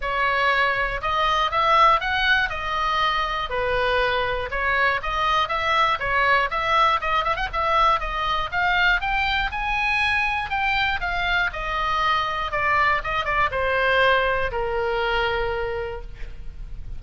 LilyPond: \new Staff \with { instrumentName = "oboe" } { \time 4/4 \tempo 4 = 120 cis''2 dis''4 e''4 | fis''4 dis''2 b'4~ | b'4 cis''4 dis''4 e''4 | cis''4 e''4 dis''8 e''16 fis''16 e''4 |
dis''4 f''4 g''4 gis''4~ | gis''4 g''4 f''4 dis''4~ | dis''4 d''4 dis''8 d''8 c''4~ | c''4 ais'2. | }